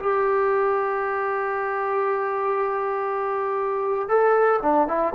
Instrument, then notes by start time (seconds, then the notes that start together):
trombone
0.00 G4
4.09 A4
4.62 D4
4.88 E4